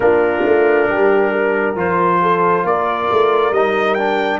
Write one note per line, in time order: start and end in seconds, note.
0.00 0.43 A#3
0.00 1.76 D4
0.00 0.89 F4
0.00 1.75 A#4
0.44 0.88 A3
0.88 1.75 G3
0.88 1.31 G4
1.31 2.19 A#4
1.75 2.64 F3
1.75 3.52 F4
1.75 2.66 C5
2.22 2.66 A4
2.64 3.08 A#3
2.64 4.40 A#4
2.64 3.53 D5
3.11 3.50 A3
3.50 4.39 G3
3.50 3.98 D#4
3.50 3.94 D#5
3.94 4.40 D4
3.94 4.38 G5